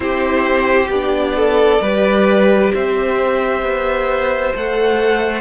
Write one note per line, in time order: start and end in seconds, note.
0.00 0.88 C4
0.00 0.89 E4
0.00 1.36 G4
0.00 0.88 C5
0.89 1.80 B3
0.89 1.82 D4
0.89 2.73 D5
1.36 1.81 A4
1.80 2.71 G3
1.80 4.54 G4
1.80 2.72 B4
2.73 3.62 C4
2.73 5.41 C5
2.73 4.55 E5
3.62 4.53 B3
4.54 5.41 A3
4.54 5.41 A4
4.54 5.41 F#5